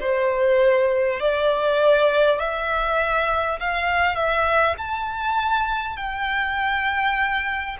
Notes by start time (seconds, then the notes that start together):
0.00 C5
1.20 D5
2.39 E5
3.60 F5
4.15 E5
4.77 A5
5.97 G5